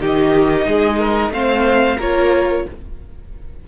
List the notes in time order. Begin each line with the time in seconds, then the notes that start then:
0.00 D#3 D#4 G4 D#5
0.67 G#3 G#4
0.99 A#4
1.30 A3 C4 C5 F5
1.97 A#3 F4 A#4 C#5